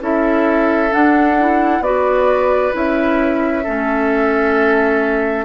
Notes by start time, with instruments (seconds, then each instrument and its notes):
0.00 bassoon C#4, clarinet E4, oboe A4, flute E5
0.89 clarinet D4, bassoon D4, flute F#5
1.39 clarinet E4
1.80 bassoon B3, clarinet F#4, oboe B4, flute D5
2.72 bassoon C#4, clarinet E4, flute E5
3.63 bassoon A3, clarinet C#4, oboe A4